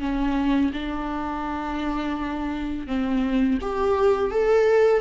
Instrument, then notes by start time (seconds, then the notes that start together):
viola
0.00 C#4
0.73 D4
2.87 C4
3.61 G4
4.31 A4